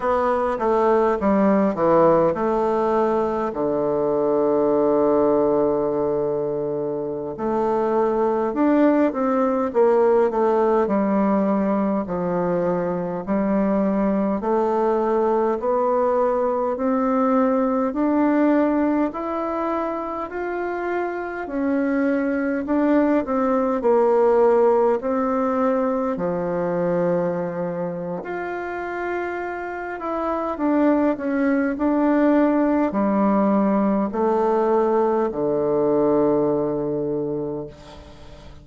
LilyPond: \new Staff \with { instrumentName = "bassoon" } { \time 4/4 \tempo 4 = 51 b8 a8 g8 e8 a4 d4~ | d2~ d16 a4 d'8 c'16~ | c'16 ais8 a8 g4 f4 g8.~ | g16 a4 b4 c'4 d'8.~ |
d'16 e'4 f'4 cis'4 d'8 c'16~ | c'16 ais4 c'4 f4.~ f16 | f'4. e'8 d'8 cis'8 d'4 | g4 a4 d2 | }